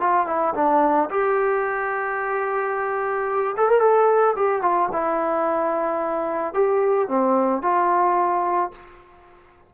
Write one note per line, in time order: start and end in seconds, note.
0.00 0.27 F4
0.27 0.54 E4
0.55 1.09 D4
1.10 3.56 G4
3.57 3.68 A4
3.68 3.80 A#4
3.80 4.35 A4
4.36 4.62 G4
4.62 4.89 F4
4.92 6.54 E4
6.54 7.08 G4
7.08 7.62 C4
7.62 8.71 F4